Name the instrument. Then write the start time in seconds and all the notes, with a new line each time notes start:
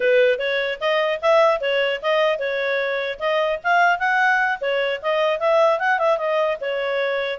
clarinet
0.00 B4
0.39 C#5
0.80 D#5
1.21 E5
1.60 C#5
2.01 D#5
2.38 C#5
3.19 D#5
3.63 F5
3.99 F#5
4.60 C#5
5.02 D#5
5.39 E5
5.79 F#5
5.98 E5
6.17 D#5
6.60 C#5